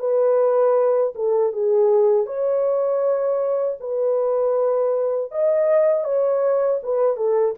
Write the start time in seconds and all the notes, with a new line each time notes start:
0.00 B4
1.16 A4
1.53 G#4
2.26 C#5
3.81 B4
5.32 D#5
6.05 C#5
6.83 B4
7.17 A4